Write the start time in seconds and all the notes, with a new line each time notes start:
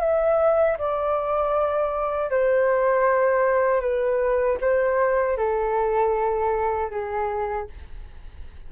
0.00 E5
0.78 D5
2.30 C5
3.81 B4
4.60 C5
5.37 A4
6.91 G#4